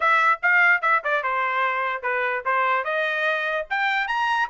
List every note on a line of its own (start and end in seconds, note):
0.00 0.40 E5
0.42 0.81 F5
0.81 1.02 E5
1.04 1.23 D5
1.23 2.02 C5
2.02 2.43 B4
2.45 2.84 C5
2.84 3.65 D#5
3.69 4.07 G5
4.07 4.48 A#5